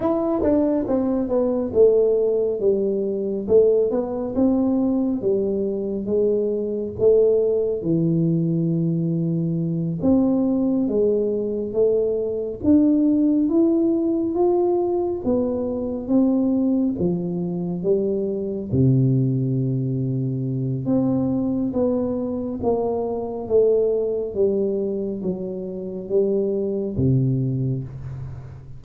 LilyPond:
\new Staff \with { instrumentName = "tuba" } { \time 4/4 \tempo 4 = 69 e'8 d'8 c'8 b8 a4 g4 | a8 b8 c'4 g4 gis4 | a4 e2~ e8 c'8~ | c'8 gis4 a4 d'4 e'8~ |
e'8 f'4 b4 c'4 f8~ | f8 g4 c2~ c8 | c'4 b4 ais4 a4 | g4 fis4 g4 c4 | }